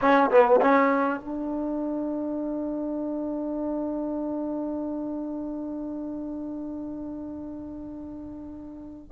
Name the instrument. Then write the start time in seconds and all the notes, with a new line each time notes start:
trombone
0.01 C#4
0.30 B3
0.61 C#4
1.20 D4